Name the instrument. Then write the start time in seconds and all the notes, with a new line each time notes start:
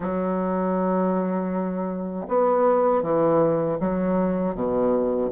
bassoon
0.00 F#3
2.28 B3
3.02 E3
3.79 F#3
4.54 B2